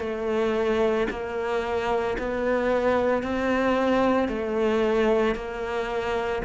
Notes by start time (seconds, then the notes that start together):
0.00 A3
1.11 A#3
2.19 B3
3.23 C4
4.29 A3
5.35 A#3